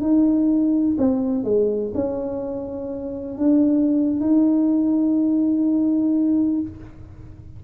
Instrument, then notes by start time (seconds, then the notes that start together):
tuba
0.00 D#4
0.98 C4
1.44 G#3
1.94 C#4
3.37 D4
4.20 D#4